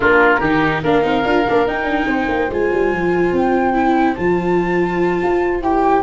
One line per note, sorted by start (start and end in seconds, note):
0.00 0.40 A#3
0.00 0.40 D4
0.00 0.40 F4
0.00 0.83 A#4
0.40 0.82 D#3
0.40 0.85 D#4
0.40 0.81 G4
0.83 1.04 A#3
0.83 1.01 D4
0.83 2.08 A#4
0.83 1.67 F5
1.01 1.24 C4
1.01 1.22 D#4
1.24 1.45 D4
1.24 1.46 F4
1.48 1.66 A#3
1.48 1.67 D4
1.66 1.83 D#4
1.66 2.50 D#4
1.66 2.51 G5
1.83 2.04 D4
2.06 2.27 C4
2.06 6.02 C5
2.28 2.49 A#3
2.49 2.70 G#3
2.49 3.73 F4
2.49 3.35 G#5
2.71 2.92 G3
2.92 3.32 F3
3.32 4.15 C4
3.32 4.14 G5
3.73 4.15 E4
4.14 5.22 F3
4.14 5.62 F4
4.14 5.60 A5
5.23 5.60 F4
5.60 6.02 E4
5.60 6.02 G4
5.60 6.02 G5